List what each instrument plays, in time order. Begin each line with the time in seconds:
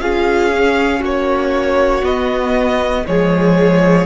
0.00 cello C#4, viola F4, violin G#4 F5
0.54 viola C#4
1.00 cello A#3, violin F#4 C#5
2.03 cello B3, viola B3, violin D#5
3.07 cello F3, viola G#3, violin G#4 C#5